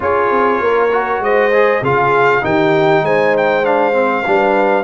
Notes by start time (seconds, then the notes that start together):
0.00 C#4 F4 G#4 C#5
0.30 C4
0.60 A#3 A#4
0.91 F#4
1.19 G#3 C5 D#5
1.52 G#4
1.82 C#3 F4 G#4 F5
2.41 D#3 D#4 G4 G5
3.01 G#3 C5 G#5
3.37 G5
3.63 D4 F5
3.93 C4
4.26 G3 D4 B4